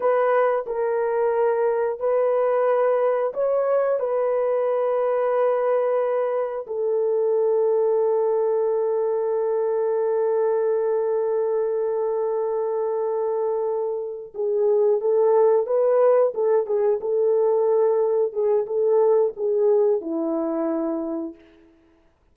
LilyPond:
\new Staff \with { instrumentName = "horn" } { \time 4/4 \tempo 4 = 90 b'4 ais'2 b'4~ | b'4 cis''4 b'2~ | b'2 a'2~ | a'1~ |
a'1~ | a'4. gis'4 a'4 b'8~ | b'8 a'8 gis'8 a'2 gis'8 | a'4 gis'4 e'2 | }